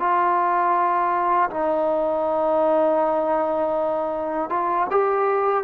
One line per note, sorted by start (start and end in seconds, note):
0.00 1.50 F4
1.51 4.50 D#4
4.50 4.88 F4
4.91 5.64 G4